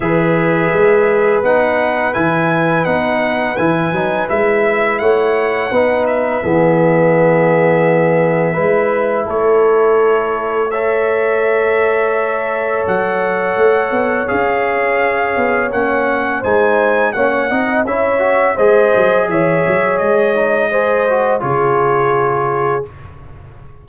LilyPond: <<
  \new Staff \with { instrumentName = "trumpet" } { \time 4/4 \tempo 4 = 84 e''2 fis''4 gis''4 | fis''4 gis''4 e''4 fis''4~ | fis''8 e''2.~ e''8~ | e''4 cis''2 e''4~ |
e''2 fis''2 | f''2 fis''4 gis''4 | fis''4 e''4 dis''4 e''4 | dis''2 cis''2 | }
  \new Staff \with { instrumentName = "horn" } { \time 4/4 b'1~ | b'2. cis''4 | b'4 gis'2. | b'4 a'2 cis''4~ |
cis''1~ | cis''2. c''4 | cis''8 dis''8 cis''4 c''4 cis''4~ | cis''4 c''4 gis'2 | }
  \new Staff \with { instrumentName = "trombone" } { \time 4/4 gis'2 dis'4 e'4 | dis'4 e'8 dis'8 e'2 | dis'4 b2. | e'2. a'4~ |
a'1 | gis'2 cis'4 dis'4 | cis'8 dis'8 e'8 fis'8 gis'2~ | gis'8 dis'8 gis'8 fis'8 f'2 | }
  \new Staff \with { instrumentName = "tuba" } { \time 4/4 e4 gis4 b4 e4 | b4 e8 fis8 gis4 a4 | b4 e2. | gis4 a2.~ |
a2 fis4 a8 b8 | cis'4. b8 ais4 gis4 | ais8 c'8 cis'4 gis8 fis8 e8 fis8 | gis2 cis2 | }
>>